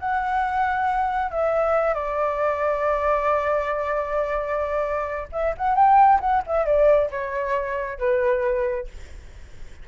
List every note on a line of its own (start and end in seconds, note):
0.00 1.31 F#5
1.31 1.95 E5
1.95 5.28 D5
5.33 5.55 E5
5.58 5.76 F#5
5.76 6.20 G5
6.21 6.43 F#5
6.47 6.66 E5
6.66 7.10 D5
7.11 7.99 C#5
7.99 8.88 B4